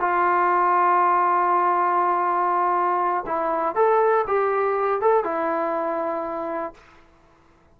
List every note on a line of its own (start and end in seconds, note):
0.00 3.25 F4
3.26 3.75 E4
3.75 4.25 A4
4.27 5.01 G4
5.01 5.24 A4
5.24 6.74 E4